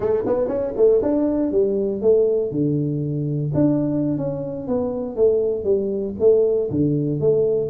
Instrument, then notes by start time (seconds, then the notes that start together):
tuba
0.00 A3
0.26 B3
0.48 C#4
0.76 A3
1.02 D4
1.51 G3
2.01 A3
2.51 D3
3.54 D4
4.17 C#4
4.67 B3
5.16 A3
5.64 G3
6.19 A3
6.70 D3
7.20 A3